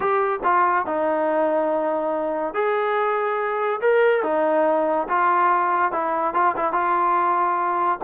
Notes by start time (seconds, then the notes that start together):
0.00 G4
0.43 F4
0.86 D#4
2.54 G#4
3.81 A#4
4.23 D#4
5.08 F4
5.92 E4
6.34 F4
6.56 E4
6.72 F4